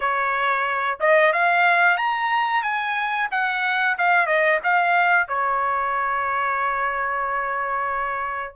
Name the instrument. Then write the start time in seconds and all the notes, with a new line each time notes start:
trumpet
0.00 C#5
1.00 D#5
1.32 F5
1.97 A#5
2.62 G#5
3.31 F#5
3.98 F5
4.26 D#5
4.63 F5
5.27 C#5